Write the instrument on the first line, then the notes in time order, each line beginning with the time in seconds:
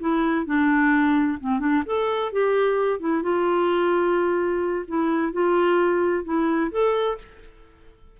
clarinet
0.00 E4
0.46 D4
1.40 C4
1.60 D4
1.86 A4
2.32 G4
3.00 E4
3.23 F4
4.88 E4
5.33 F4
6.25 E4
6.71 A4